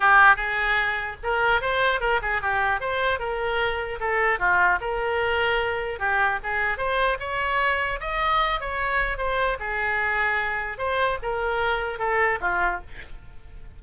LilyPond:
\new Staff \with { instrumentName = "oboe" } { \time 4/4 \tempo 4 = 150 g'4 gis'2 ais'4 | c''4 ais'8 gis'8 g'4 c''4 | ais'2 a'4 f'4 | ais'2. g'4 |
gis'4 c''4 cis''2 | dis''4. cis''4. c''4 | gis'2. c''4 | ais'2 a'4 f'4 | }